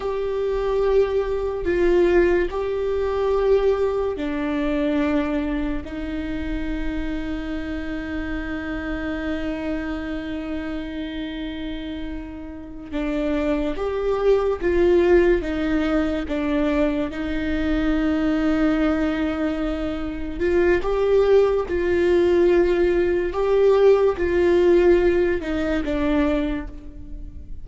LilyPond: \new Staff \with { instrumentName = "viola" } { \time 4/4 \tempo 4 = 72 g'2 f'4 g'4~ | g'4 d'2 dis'4~ | dis'1~ | dis'2.~ dis'8 d'8~ |
d'8 g'4 f'4 dis'4 d'8~ | d'8 dis'2.~ dis'8~ | dis'8 f'8 g'4 f'2 | g'4 f'4. dis'8 d'4 | }